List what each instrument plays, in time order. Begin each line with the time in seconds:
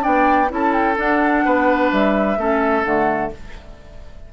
0.00 bassoon B3, clarinet D4, oboe D5, flute G5
0.48 bassoon C#4, clarinet E4, oboe A4, flute A5
0.73 flute G5
0.96 clarinet D4, bassoon D4, flute F#5
1.44 bassoon B3, oboe B4
1.92 bassoon G3, flute E5
2.37 bassoon A3, clarinet C#4, oboe A4
2.84 bassoon D3, clarinet A3, flute F#5